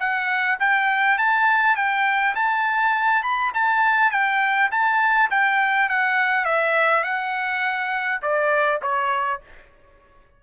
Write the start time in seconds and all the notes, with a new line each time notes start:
0.00 F#5
0.60 G5
1.18 A5
1.76 G5
2.36 A5
3.23 B5
3.54 A5
4.12 G5
4.72 A5
5.31 G5
5.90 F#5
6.45 E5
7.04 F#5
8.22 D5
8.82 C#5